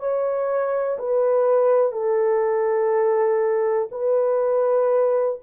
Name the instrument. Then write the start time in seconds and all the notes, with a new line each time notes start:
horn
0.00 C#5
0.99 B4
1.93 A4
3.92 B4